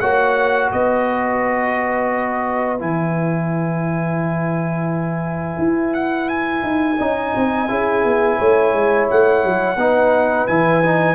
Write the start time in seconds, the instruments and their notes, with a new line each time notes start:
0.00 tuba A#3, trombone F#4, horn C#5, trumpet F#5
0.69 tuba B3, horn B4, trumpet D#5
2.78 tuba E3, trombone E4, trumpet G#5
5.58 tuba E4
5.93 trumpet F#5
6.28 trumpet G#5
6.63 tuba D#4
6.98 tuba C#4, trombone D#4, horn D#5
7.36 tuba C4
7.67 tuba C#4, trombone E4, horn G#4
8.04 tuba B3
8.38 tuba A3, horn C#5
8.73 tuba G#3
9.10 tuba A3, trumpet F#5
9.44 tuba F#3
9.76 tuba B3, trombone D#4, horn B4
10.47 tuba E3, trombone E4, trumpet G#5
10.83 trombone D#4